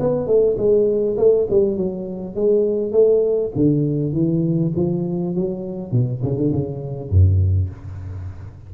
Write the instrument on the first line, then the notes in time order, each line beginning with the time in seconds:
tuba
0.00 B3
0.27 A3
0.57 G#3
1.17 A3
1.50 G3
1.77 F#3
2.35 G#3
2.92 A3
3.55 D3
4.13 E3
4.76 F3
5.35 F#3
5.91 B2
6.22 C#3
6.36 D3
6.52 C#3
7.10 F#2